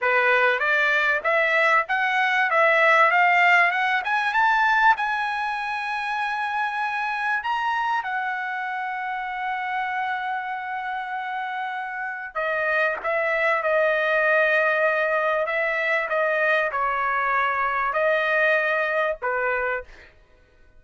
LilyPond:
\new Staff \with { instrumentName = "trumpet" } { \time 4/4 \tempo 4 = 97 b'4 d''4 e''4 fis''4 | e''4 f''4 fis''8 gis''8 a''4 | gis''1 | ais''4 fis''2.~ |
fis''1 | dis''4 e''4 dis''2~ | dis''4 e''4 dis''4 cis''4~ | cis''4 dis''2 b'4 | }